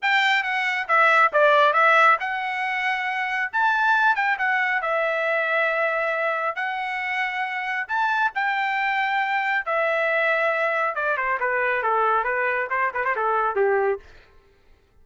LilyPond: \new Staff \with { instrumentName = "trumpet" } { \time 4/4 \tempo 4 = 137 g''4 fis''4 e''4 d''4 | e''4 fis''2. | a''4. g''8 fis''4 e''4~ | e''2. fis''4~ |
fis''2 a''4 g''4~ | g''2 e''2~ | e''4 d''8 c''8 b'4 a'4 | b'4 c''8 b'16 c''16 a'4 g'4 | }